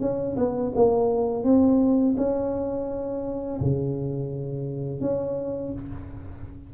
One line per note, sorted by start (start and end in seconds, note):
0.00 0.36 C#4
0.36 0.72 B3
0.75 1.44 A#3
1.44 2.15 C4
2.17 3.60 C#4
3.60 5.00 C#3
5.00 5.72 C#4